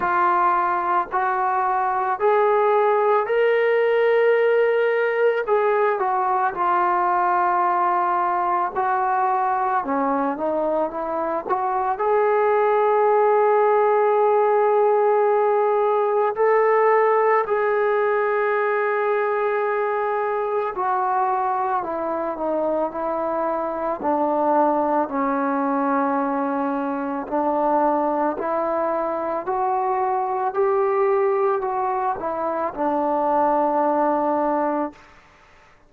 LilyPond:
\new Staff \with { instrumentName = "trombone" } { \time 4/4 \tempo 4 = 55 f'4 fis'4 gis'4 ais'4~ | ais'4 gis'8 fis'8 f'2 | fis'4 cis'8 dis'8 e'8 fis'8 gis'4~ | gis'2. a'4 |
gis'2. fis'4 | e'8 dis'8 e'4 d'4 cis'4~ | cis'4 d'4 e'4 fis'4 | g'4 fis'8 e'8 d'2 | }